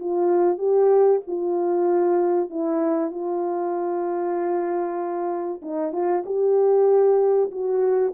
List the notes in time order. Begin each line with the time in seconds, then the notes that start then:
0.00 F4
0.59 G4
1.28 F4
2.51 E4
3.12 F4
5.62 D#4
5.93 F4
6.26 G4
7.51 F#4